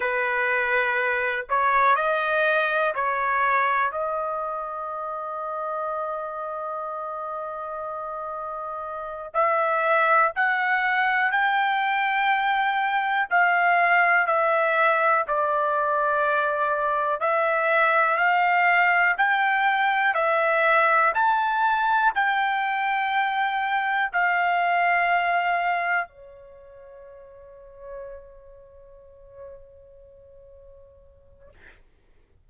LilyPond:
\new Staff \with { instrumentName = "trumpet" } { \time 4/4 \tempo 4 = 61 b'4. cis''8 dis''4 cis''4 | dis''1~ | dis''4. e''4 fis''4 g''8~ | g''4. f''4 e''4 d''8~ |
d''4. e''4 f''4 g''8~ | g''8 e''4 a''4 g''4.~ | g''8 f''2 cis''4.~ | cis''1 | }